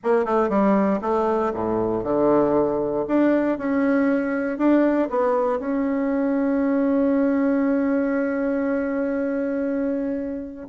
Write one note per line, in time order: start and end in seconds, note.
0.03 0.25 A#3
0.25 0.49 A3
0.49 0.99 G3
1.01 1.52 A3
1.53 2.03 A2
2.03 3.05 D3
3.07 3.58 D4
3.58 4.58 C#4
4.58 5.08 D4
5.09 5.59 B3
5.59 10.67 C#4